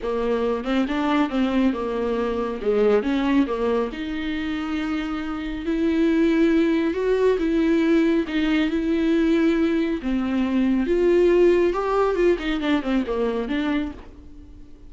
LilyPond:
\new Staff \with { instrumentName = "viola" } { \time 4/4 \tempo 4 = 138 ais4. c'8 d'4 c'4 | ais2 gis4 cis'4 | ais4 dis'2.~ | dis'4 e'2. |
fis'4 e'2 dis'4 | e'2. c'4~ | c'4 f'2 g'4 | f'8 dis'8 d'8 c'8 ais4 d'4 | }